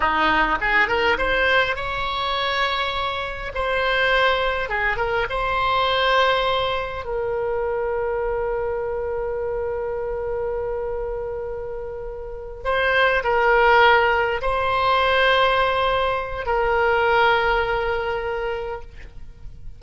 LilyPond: \new Staff \with { instrumentName = "oboe" } { \time 4/4 \tempo 4 = 102 dis'4 gis'8 ais'8 c''4 cis''4~ | cis''2 c''2 | gis'8 ais'8 c''2. | ais'1~ |
ais'1~ | ais'4. c''4 ais'4.~ | ais'8 c''2.~ c''8 | ais'1 | }